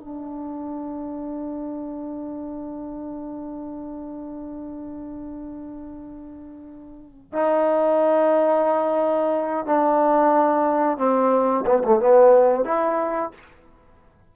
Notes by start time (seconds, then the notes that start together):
0.00 D4
7.33 D#4
9.66 D4
10.98 C4
11.66 B3
11.84 A3
12.00 B3
12.65 E4